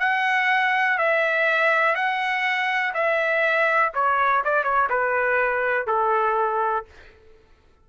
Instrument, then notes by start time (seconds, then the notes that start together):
trumpet
0.00 F#5
0.98 E5
1.95 F#5
2.94 E5
3.95 C#5
4.45 D5
4.64 C#5
4.90 B4
5.87 A4